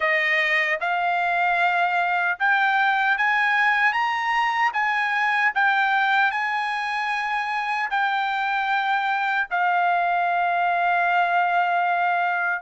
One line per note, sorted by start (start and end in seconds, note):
0.00 0.79 D#5
0.80 2.38 F5
2.39 3.17 G5
3.17 3.93 G#5
3.93 4.72 A#5
4.73 5.52 G#5
5.54 6.31 G5
6.31 7.89 G#5
7.90 9.48 G5
9.50 12.62 F5